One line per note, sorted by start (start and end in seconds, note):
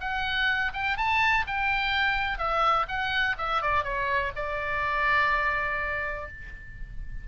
0.00 0.72 F#5
0.73 0.97 G5
0.97 1.45 A5
1.47 2.38 G5
2.38 2.86 E5
2.88 3.36 F#5
3.38 3.62 E5
3.62 3.84 D5
3.84 4.32 C#5
4.36 6.28 D5